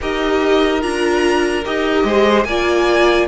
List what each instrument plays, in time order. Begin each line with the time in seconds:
0.01 cello D#4, viola G4, violin A#4 D#5
0.80 cello D4, viola F4, violin A#5
1.64 cello D#4, viola G4, violin D#5
2.04 cello G#3, violin C5
2.44 cello A#3, viola F4, violin D5 G#5